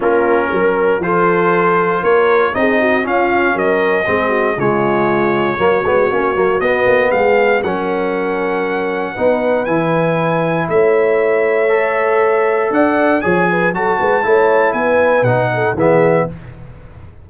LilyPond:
<<
  \new Staff \with { instrumentName = "trumpet" } { \time 4/4 \tempo 4 = 118 ais'2 c''2 | cis''4 dis''4 f''4 dis''4~ | dis''4 cis''2.~ | cis''4 dis''4 f''4 fis''4~ |
fis''2. gis''4~ | gis''4 e''2.~ | e''4 fis''4 gis''4 a''4~ | a''4 gis''4 fis''4 e''4 | }
  \new Staff \with { instrumentName = "horn" } { \time 4/4 f'4 ais'4 a'2 | ais'4 gis'8 fis'8 f'4 ais'4 | gis'8 fis'8 f'2 fis'4~ | fis'2 gis'4 ais'4~ |
ais'2 b'2~ | b'4 cis''2.~ | cis''4 d''4 cis''8 b'8 a'8 b'8 | cis''4 b'4. a'8 gis'4 | }
  \new Staff \with { instrumentName = "trombone" } { \time 4/4 cis'2 f'2~ | f'4 dis'4 cis'2 | c'4 gis2 ais8 b8 | cis'8 ais8 b2 cis'4~ |
cis'2 dis'4 e'4~ | e'2. a'4~ | a'2 gis'4 fis'4 | e'2 dis'4 b4 | }
  \new Staff \with { instrumentName = "tuba" } { \time 4/4 ais4 fis4 f2 | ais4 c'4 cis'4 fis4 | gis4 cis2 fis8 gis8 | ais8 fis8 b8 ais8 gis4 fis4~ |
fis2 b4 e4~ | e4 a2.~ | a4 d'4 f4 fis8 gis8 | a4 b4 b,4 e4 | }
>>